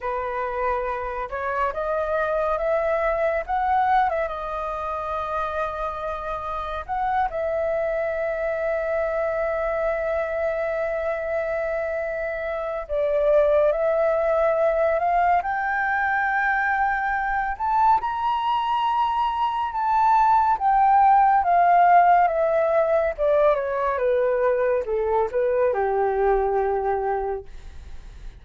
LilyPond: \new Staff \with { instrumentName = "flute" } { \time 4/4 \tempo 4 = 70 b'4. cis''8 dis''4 e''4 | fis''8. e''16 dis''2. | fis''8 e''2.~ e''8~ | e''2. d''4 |
e''4. f''8 g''2~ | g''8 a''8 ais''2 a''4 | g''4 f''4 e''4 d''8 cis''8 | b'4 a'8 b'8 g'2 | }